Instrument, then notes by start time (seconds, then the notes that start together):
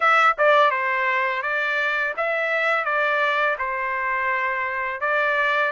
trumpet
0.00 E5
0.38 D5
0.70 C5
1.42 D5
2.16 E5
2.84 D5
3.58 C5
5.00 D5